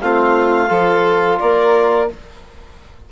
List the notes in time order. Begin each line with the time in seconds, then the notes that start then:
0.00 A3 C4 F4 F5
0.68 F3 F4 A4
1.39 A#3 A#4 D5